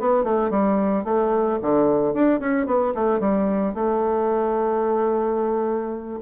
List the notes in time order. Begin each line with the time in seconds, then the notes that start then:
0.00 B3
0.24 A3
0.51 G3
1.05 A3
1.62 D3
2.14 D4
2.40 C#4
2.67 B3
2.95 A3
3.20 G3
3.74 A3